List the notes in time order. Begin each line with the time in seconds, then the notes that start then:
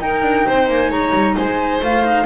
0.00 D#4 A#4 G5
0.22 D4
0.47 C4 C5
0.68 A#3 G#5
0.89 G#3 C#5 A#5
1.13 G3
1.36 G#3 C5 G#5
1.81 A3 F4 F5
2.04 D#4